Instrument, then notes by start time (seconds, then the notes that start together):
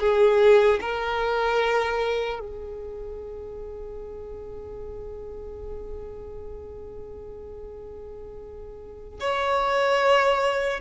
violin
0.00 G#4
0.81 A#4
2.40 G#4
9.20 C#5